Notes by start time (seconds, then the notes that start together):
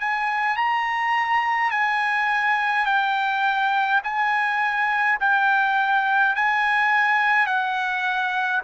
0.00 G#5
0.56 A#5
1.71 G#5
2.86 G5
4.03 G#5
5.20 G5
6.36 G#5
7.46 F#5